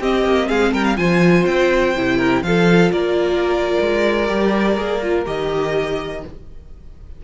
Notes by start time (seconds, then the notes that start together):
0.00 C4 G4 D#5
0.24 A#3
0.48 G#3 G#4 F5
0.72 G3 A#4 G5
0.85 F5
0.96 F3 F4 C5 G#5
1.46 C4 G5
1.96 C3 E4
2.17 A#4
2.42 F3 F4 A4 F5
2.92 A#3 A#4 D5
3.81 G#3
4.27 G3 G4
4.77 A#3 G#4
5.03 F4
5.25 D#3 G4 D#5